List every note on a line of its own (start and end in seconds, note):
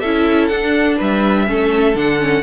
0.00 0.50 C#4
0.00 0.52 E4
0.00 0.97 A4
0.00 0.47 E5
0.47 0.98 D4
0.47 1.46 D4
0.47 0.96 F#5
0.97 1.49 G3
0.97 1.45 B4
0.97 1.97 E5
1.46 1.95 A3
1.46 1.95 C#4
1.46 2.43 A4
1.95 2.43 D3
1.95 2.19 D4
1.95 2.43 F#5
2.19 2.43 C#4